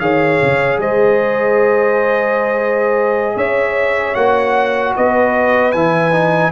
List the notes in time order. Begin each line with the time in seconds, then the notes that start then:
0.00 D#3 G#4 C#5 F5
0.43 C#3
0.79 G#3 C5 D#5
3.36 C#4 C#5 E5
4.15 A#3 F#4 F#5
4.96 B3 B4 D#5
5.72 E3 E4 G#5
6.12 D#4